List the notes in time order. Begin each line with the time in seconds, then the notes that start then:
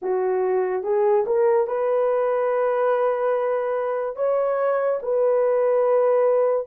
0.02 F#4
0.83 G#4
1.26 A#4
1.67 B4
4.16 C#5
5.02 B4